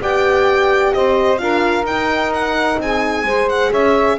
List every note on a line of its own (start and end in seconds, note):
0.00 0.93 B3
0.00 1.38 G4
0.00 0.94 D5
0.00 0.93 G5
0.93 1.40 C4
0.93 1.41 C5
0.93 1.38 D#5
1.38 1.83 D4
1.38 1.84 F4
1.38 2.81 A#4
1.38 1.84 F5
1.83 2.76 D#4
1.83 3.26 D#4
1.83 2.33 G5
2.33 2.80 F#5
2.78 3.23 C4
2.78 3.25 G#4
2.78 3.49 G#5
3.23 3.70 G#3
3.23 4.18 G#4
3.23 3.70 C5
3.49 3.72 F#5
3.70 4.18 C#4
3.70 4.17 C#5
3.70 4.18 E5